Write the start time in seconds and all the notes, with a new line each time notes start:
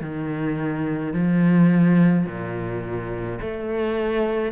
0.00 D#3
1.13 F3
2.26 A#2
3.41 A3